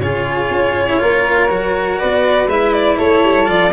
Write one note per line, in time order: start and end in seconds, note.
0.00 0.50 C#3
0.00 0.89 F4
0.00 1.00 G#4
0.00 1.98 C#5
0.50 0.99 C#4
0.89 0.99 E4
0.99 1.50 A#3
0.99 1.48 F4
0.99 1.99 A#4
1.49 1.99 F#3
1.49 2.48 F#4
1.98 2.46 B3
1.98 2.97 B4
1.98 2.48 D5
2.46 2.96 G#3
2.46 3.46 E4
2.46 2.73 E5
2.73 2.98 D5
2.97 3.23 A3
2.97 3.72 A4
2.97 3.48 C#5
3.23 3.48 G3
3.46 3.73 F3
3.46 3.71 F4
3.46 3.73 D5